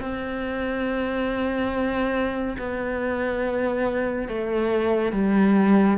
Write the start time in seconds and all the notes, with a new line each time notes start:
0.00 C4
2.59 B3
4.29 A3
5.13 G3